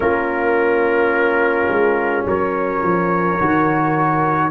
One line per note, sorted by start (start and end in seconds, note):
0.00 1.67 A#3
0.00 3.38 C#4
0.00 2.27 F4
0.00 2.25 A#4
1.68 2.25 G#3
2.25 2.82 F#3
2.25 4.51 A#4
2.25 4.51 C#5
2.83 3.39 F3
3.39 4.51 D#3
3.39 4.51 F#4